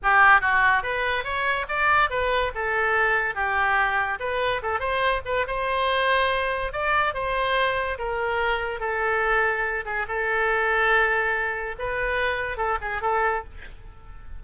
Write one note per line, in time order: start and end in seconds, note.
0.02 0.40 G4
0.40 0.82 F#4
0.82 1.24 B4
1.24 1.66 C#5
1.68 2.10 D5
2.10 2.52 B4
2.54 3.35 A4
3.35 4.18 G4
4.19 4.61 B4
4.62 4.79 A4
4.79 5.21 C5
5.25 5.46 B4
5.47 6.72 C5
6.72 7.13 D5
7.13 7.97 C5
7.98 8.80 A#4
8.80 9.84 A4
9.85 10.06 G#4
10.07 11.75 A4
11.78 12.57 B4
12.57 12.78 A4
12.81 13.01 G#4
13.01 13.43 A4